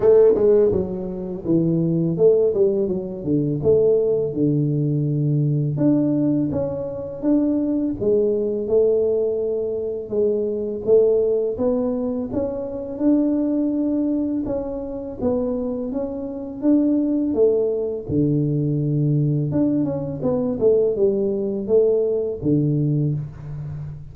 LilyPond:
\new Staff \with { instrumentName = "tuba" } { \time 4/4 \tempo 4 = 83 a8 gis8 fis4 e4 a8 g8 | fis8 d8 a4 d2 | d'4 cis'4 d'4 gis4 | a2 gis4 a4 |
b4 cis'4 d'2 | cis'4 b4 cis'4 d'4 | a4 d2 d'8 cis'8 | b8 a8 g4 a4 d4 | }